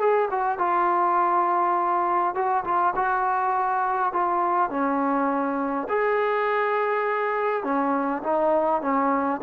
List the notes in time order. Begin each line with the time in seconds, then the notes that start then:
0.00 G#4
0.31 F#4
0.59 F4
2.35 F#4
2.65 F4
2.96 F#4
4.13 F4
4.71 C#4
5.89 G#4
7.64 C#4
8.24 D#4
8.82 C#4